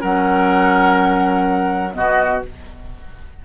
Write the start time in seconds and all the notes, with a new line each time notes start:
0.00 F#3 C#4 A#4 F#5
1.92 B2 B3 F#4 D#5